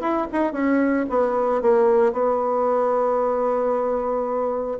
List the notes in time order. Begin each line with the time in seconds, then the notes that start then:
0.00 E4
0.32 D#4
0.52 C#4
1.09 B3
1.61 A#3
2.12 B3